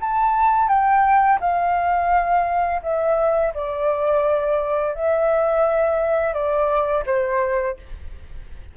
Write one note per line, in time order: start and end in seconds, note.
0.00 0.68 A5
0.68 1.39 G5
1.40 2.81 F5
2.82 3.53 E5
3.54 4.94 D5
4.94 6.33 E5
6.33 7.04 D5
7.06 7.76 C5